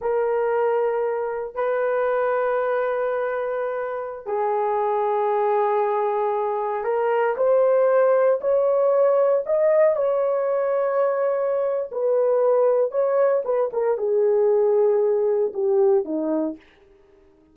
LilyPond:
\new Staff \with { instrumentName = "horn" } { \time 4/4 \tempo 4 = 116 ais'2. b'4~ | b'1~ | b'16 gis'2.~ gis'8.~ | gis'4~ gis'16 ais'4 c''4.~ c''16~ |
c''16 cis''2 dis''4 cis''8.~ | cis''2. b'4~ | b'4 cis''4 b'8 ais'8 gis'4~ | gis'2 g'4 dis'4 | }